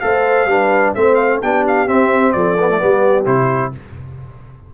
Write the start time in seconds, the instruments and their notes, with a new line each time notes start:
0.00 tuba A3, trombone A4, horn C5, trumpet F5
0.45 tuba G3, trombone D4, horn B4
0.94 tuba A3, trombone C4, horn C5, trumpet E5
1.15 trumpet F5
1.42 tuba B3, trombone D4, horn G4, trumpet G5
1.67 trumpet F5
1.87 trombone C4, tuba C4, trumpet E5
2.32 tuba F3, horn A4, trumpet D5
2.58 trombone B3
2.69 trombone A3
2.78 tuba G3, trombone B3, horn G4
3.25 tuba C3, trombone E4, trumpet C5